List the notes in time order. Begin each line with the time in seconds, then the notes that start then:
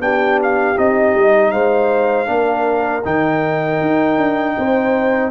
0.00 B3 D4 G4 G5
0.42 F5
0.75 C4 D#4 D#5
1.14 G3
1.51 G#3 C5 F5
2.26 A#3 D4 A#4
3.05 D#3 D#4 G5
3.81 D#4
4.17 D4
4.58 C4 C5